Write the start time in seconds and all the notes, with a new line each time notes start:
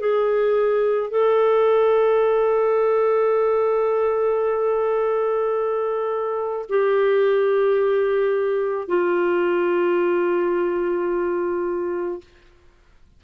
0.00 G#4
1.10 A4
6.69 G4
8.88 F4